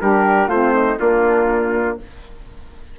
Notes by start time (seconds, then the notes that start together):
0.00 G3 D4 G4 A#4
0.47 A3 C4 F4 C5
0.74 D#4
0.99 A#3 D4 F4